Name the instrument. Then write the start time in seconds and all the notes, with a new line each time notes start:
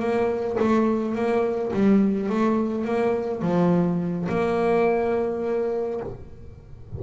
double bass
0.00 A#3
0.60 A3
1.15 A#3
1.74 G3
2.30 A3
2.85 A#3
3.42 F3
4.29 A#3